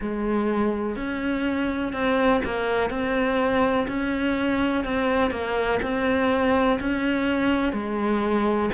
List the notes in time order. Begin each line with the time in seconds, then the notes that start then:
0.00 G#3
0.96 C#4
1.93 C4
2.45 A#3
2.89 C4
3.87 C#4
4.84 C4
5.30 A#3
5.82 C4
6.80 C#4
7.72 G#3